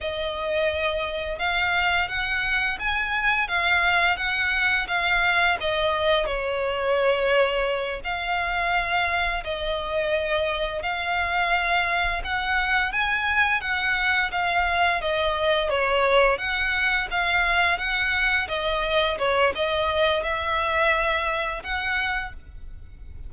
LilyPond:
\new Staff \with { instrumentName = "violin" } { \time 4/4 \tempo 4 = 86 dis''2 f''4 fis''4 | gis''4 f''4 fis''4 f''4 | dis''4 cis''2~ cis''8 f''8~ | f''4. dis''2 f''8~ |
f''4. fis''4 gis''4 fis''8~ | fis''8 f''4 dis''4 cis''4 fis''8~ | fis''8 f''4 fis''4 dis''4 cis''8 | dis''4 e''2 fis''4 | }